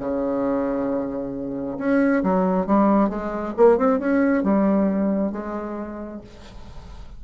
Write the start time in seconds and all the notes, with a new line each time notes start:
0.00 C#3
1.78 C#4
2.23 F#3
2.66 G3
3.09 G#3
3.57 A#3
3.78 C4
3.99 C#4
4.43 G3
5.32 G#3